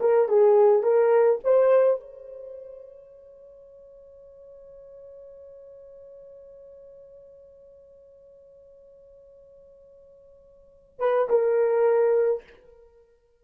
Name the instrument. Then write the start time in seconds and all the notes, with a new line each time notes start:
horn
0.00 A#4
0.28 G#4
0.83 A#4
1.44 C5
2.00 C#5
10.99 B4
11.29 A#4